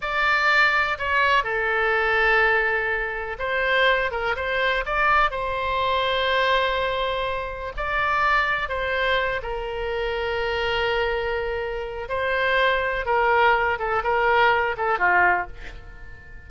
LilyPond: \new Staff \with { instrumentName = "oboe" } { \time 4/4 \tempo 4 = 124 d''2 cis''4 a'4~ | a'2. c''4~ | c''8 ais'8 c''4 d''4 c''4~ | c''1 |
d''2 c''4. ais'8~ | ais'1~ | ais'4 c''2 ais'4~ | ais'8 a'8 ais'4. a'8 f'4 | }